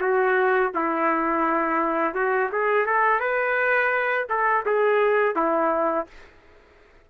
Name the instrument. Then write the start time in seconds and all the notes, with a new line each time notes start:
trumpet
0.00 F#4
0.74 E4
2.14 F#4
2.52 G#4
2.86 A4
3.20 B4
4.29 A4
4.65 G#4
5.35 E4